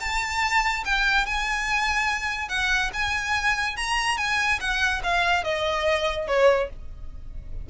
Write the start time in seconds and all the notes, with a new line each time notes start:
0.00 A5
0.85 G5
1.26 G#5
2.49 F#5
2.93 G#5
3.77 A#5
4.17 G#5
4.60 F#5
5.03 F5
5.44 D#5
6.27 C#5